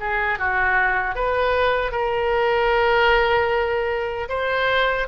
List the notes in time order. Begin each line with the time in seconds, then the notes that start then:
0.00 G#4
0.39 F#4
1.16 B4
1.92 A#4
4.29 C5